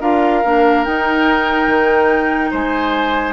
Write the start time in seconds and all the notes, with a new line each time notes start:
0.00 D4 F4 A#4 F5
0.45 A#3 D4
0.84 D#4 G5
1.67 D#3
2.51 G#3 C5 G#5